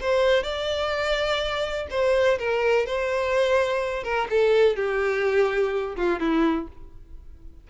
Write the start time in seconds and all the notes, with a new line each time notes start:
0.00 C5
0.43 D5
1.90 C5
2.38 A#4
2.86 C5
4.03 A#4
4.30 A4
4.76 G4
5.96 F4
6.19 E4